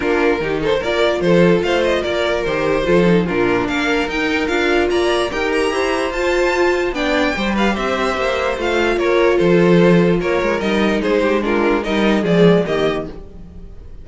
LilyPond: <<
  \new Staff \with { instrumentName = "violin" } { \time 4/4 \tempo 4 = 147 ais'4. c''8 d''4 c''4 | f''8 dis''8 d''4 c''2 | ais'4 f''4 g''4 f''4 | ais''4 g''8 ais''4. a''4~ |
a''4 g''4. f''8 e''4~ | e''4 f''4 cis''4 c''4~ | c''4 cis''4 dis''4 c''4 | ais'4 dis''4 d''4 dis''4 | }
  \new Staff \with { instrumentName = "violin" } { \time 4/4 f'4 g'8 a'8 ais'4 a'4 | c''4 ais'2 a'4 | f'4 ais'2. | d''4 ais'4 c''2~ |
c''4 d''4 c''8 b'8 c''4~ | c''2 ais'4 a'4~ | a'4 ais'2 gis'8 g'8 | f'4 ais'4 gis'4 g'4 | }
  \new Staff \with { instrumentName = "viola" } { \time 4/4 d'4 dis'4 f'2~ | f'2 g'4 f'8 dis'8 | d'2 dis'4 f'4~ | f'4 g'2 f'4~ |
f'4 d'4 g'2~ | g'4 f'2.~ | f'2 dis'2 | d'4 dis'4 gis4 ais4 | }
  \new Staff \with { instrumentName = "cello" } { \time 4/4 ais4 dis4 ais4 f4 | a4 ais4 dis4 f4 | ais,4 ais4 dis'4 d'4 | ais4 dis'4 e'4 f'4~ |
f'4 b4 g4 c'4 | ais4 a4 ais4 f4~ | f4 ais8 gis8 g4 gis4~ | gis4 g4 f4 dis4 | }
>>